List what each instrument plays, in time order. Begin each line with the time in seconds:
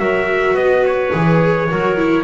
0.00 double bass F#3, viola F#4, clarinet A#4, trumpet E5
0.55 double bass B3, clarinet B4, trumpet D#5
0.86 trumpet C#5
1.13 double bass E3, viola G#4
1.71 double bass F#3, viola F#4, clarinet A#4
1.98 viola E4